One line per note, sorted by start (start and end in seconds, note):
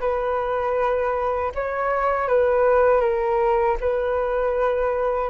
0.00 1.52 B4
1.55 2.28 C#5
2.28 3.01 B4
3.01 3.77 A#4
3.80 5.30 B4